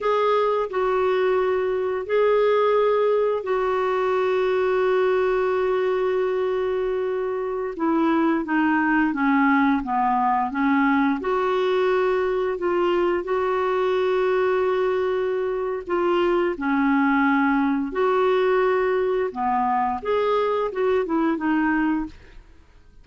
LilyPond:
\new Staff \with { instrumentName = "clarinet" } { \time 4/4 \tempo 4 = 87 gis'4 fis'2 gis'4~ | gis'4 fis'2.~ | fis'2.~ fis'16 e'8.~ | e'16 dis'4 cis'4 b4 cis'8.~ |
cis'16 fis'2 f'4 fis'8.~ | fis'2. f'4 | cis'2 fis'2 | b4 gis'4 fis'8 e'8 dis'4 | }